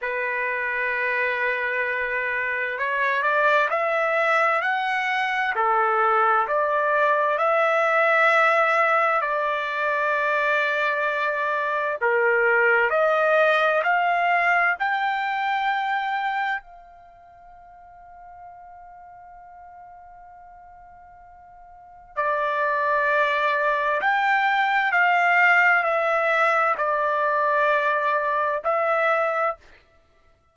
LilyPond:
\new Staff \with { instrumentName = "trumpet" } { \time 4/4 \tempo 4 = 65 b'2. cis''8 d''8 | e''4 fis''4 a'4 d''4 | e''2 d''2~ | d''4 ais'4 dis''4 f''4 |
g''2 f''2~ | f''1 | d''2 g''4 f''4 | e''4 d''2 e''4 | }